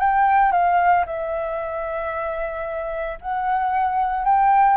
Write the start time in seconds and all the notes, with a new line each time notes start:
0.00 G5
0.52 F5
1.06 E5
3.21 F#5
4.25 G5